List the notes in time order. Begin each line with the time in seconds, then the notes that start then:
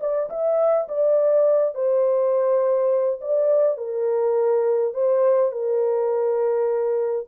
0.00 D5
0.29 E5
0.88 D5
1.74 C5
3.21 D5
3.77 A#4
4.93 C5
5.51 A#4